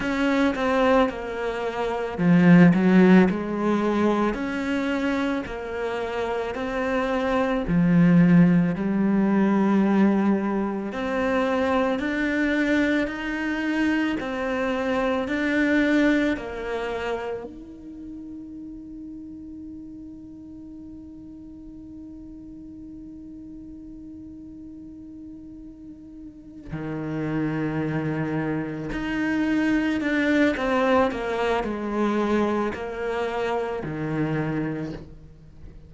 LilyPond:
\new Staff \with { instrumentName = "cello" } { \time 4/4 \tempo 4 = 55 cis'8 c'8 ais4 f8 fis8 gis4 | cis'4 ais4 c'4 f4 | g2 c'4 d'4 | dis'4 c'4 d'4 ais4 |
dis'1~ | dis'1~ | dis'8 dis2 dis'4 d'8 | c'8 ais8 gis4 ais4 dis4 | }